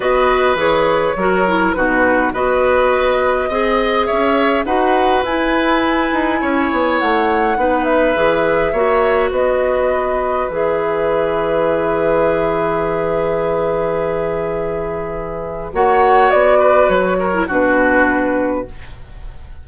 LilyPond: <<
  \new Staff \with { instrumentName = "flute" } { \time 4/4 \tempo 4 = 103 dis''4 cis''2 b'4 | dis''2. e''4 | fis''4 gis''2. | fis''4. e''2~ e''8 |
dis''2 e''2~ | e''1~ | e''2. fis''4 | d''4 cis''4 b'2 | }
  \new Staff \with { instrumentName = "oboe" } { \time 4/4 b'2 ais'4 fis'4 | b'2 dis''4 cis''4 | b'2. cis''4~ | cis''4 b'2 cis''4 |
b'1~ | b'1~ | b'2. cis''4~ | cis''8 b'4 ais'8 fis'2 | }
  \new Staff \with { instrumentName = "clarinet" } { \time 4/4 fis'4 gis'4 fis'8 e'8 dis'4 | fis'2 gis'2 | fis'4 e'2.~ | e'4 dis'4 gis'4 fis'4~ |
fis'2 gis'2~ | gis'1~ | gis'2. fis'4~ | fis'4.~ fis'16 e'16 d'2 | }
  \new Staff \with { instrumentName = "bassoon" } { \time 4/4 b4 e4 fis4 b,4 | b2 c'4 cis'4 | dis'4 e'4. dis'8 cis'8 b8 | a4 b4 e4 ais4 |
b2 e2~ | e1~ | e2. ais4 | b4 fis4 b,2 | }
>>